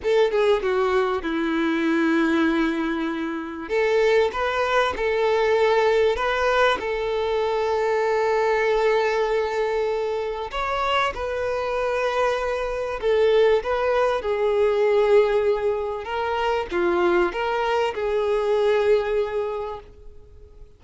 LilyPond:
\new Staff \with { instrumentName = "violin" } { \time 4/4 \tempo 4 = 97 a'8 gis'8 fis'4 e'2~ | e'2 a'4 b'4 | a'2 b'4 a'4~ | a'1~ |
a'4 cis''4 b'2~ | b'4 a'4 b'4 gis'4~ | gis'2 ais'4 f'4 | ais'4 gis'2. | }